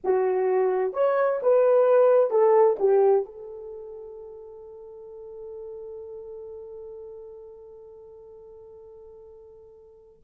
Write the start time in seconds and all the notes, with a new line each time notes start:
0.03 F#4
0.93 C#5
1.42 B4
2.30 A4
2.79 G4
3.25 A4